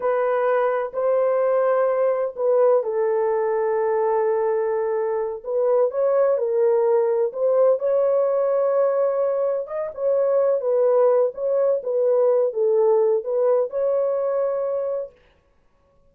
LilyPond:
\new Staff \with { instrumentName = "horn" } { \time 4/4 \tempo 4 = 127 b'2 c''2~ | c''4 b'4 a'2~ | a'2.~ a'8 b'8~ | b'8 cis''4 ais'2 c''8~ |
c''8 cis''2.~ cis''8~ | cis''8 dis''8 cis''4. b'4. | cis''4 b'4. a'4. | b'4 cis''2. | }